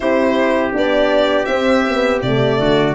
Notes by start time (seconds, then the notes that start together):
0.00 C4 E4 G4 C5
0.73 B3 D4 D5
1.45 C4 E5
1.87 B3
2.22 C3 A3 D5
2.59 D3 F#4